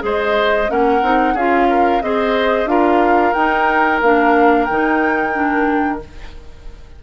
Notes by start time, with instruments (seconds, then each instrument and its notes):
0.00 bassoon G#3, clarinet G#4, oboe C5, flute D#5
0.68 bassoon A#3, clarinet C#4, oboe A#4, flute F#5
1.02 bassoon C4, clarinet D#4
1.34 bassoon C#4, clarinet F4, oboe G#4, flute F5
1.70 oboe A#4
2.02 bassoon C4, clarinet G#4, oboe C5, flute D#5
2.66 bassoon D4, clarinet F4, oboe A#4, flute F5
3.34 bassoon D#4, clarinet D#4, flute G5
4.02 bassoon A#3, clarinet D4, flute F5
4.66 bassoon D#3, clarinet D#4, flute G5
5.34 clarinet D4